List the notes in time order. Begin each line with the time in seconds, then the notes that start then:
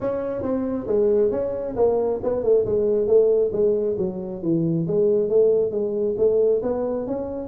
0.00 C#4
0.42 C4
0.87 G#3
1.31 C#4
1.76 A#3
2.23 B3
2.43 A3
2.65 G#3
3.07 A3
3.52 G#3
3.98 F#3
4.42 E3
4.87 G#3
5.29 A3
5.71 G#3
6.17 A3
6.62 B3
7.06 C#4